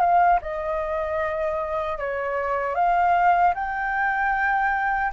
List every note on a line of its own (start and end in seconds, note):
0.00 0.39 F5
0.42 1.98 D#5
1.98 2.75 C#5
2.75 3.53 F5
3.54 5.12 G5